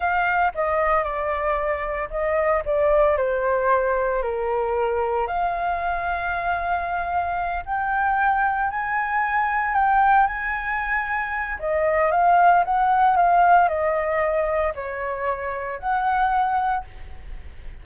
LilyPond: \new Staff \with { instrumentName = "flute" } { \time 4/4 \tempo 4 = 114 f''4 dis''4 d''2 | dis''4 d''4 c''2 | ais'2 f''2~ | f''2~ f''8 g''4.~ |
g''8 gis''2 g''4 gis''8~ | gis''2 dis''4 f''4 | fis''4 f''4 dis''2 | cis''2 fis''2 | }